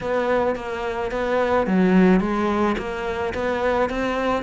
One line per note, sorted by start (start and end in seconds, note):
0.01 0.55 B3
0.55 1.11 A#3
1.11 1.66 B3
1.67 2.20 F#3
2.20 2.76 G#3
2.78 3.33 A#3
3.34 3.89 B3
3.89 4.43 C4